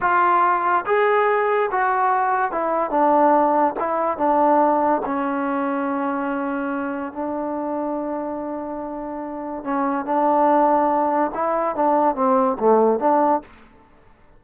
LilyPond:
\new Staff \with { instrumentName = "trombone" } { \time 4/4 \tempo 4 = 143 f'2 gis'2 | fis'2 e'4 d'4~ | d'4 e'4 d'2 | cis'1~ |
cis'4 d'2.~ | d'2. cis'4 | d'2. e'4 | d'4 c'4 a4 d'4 | }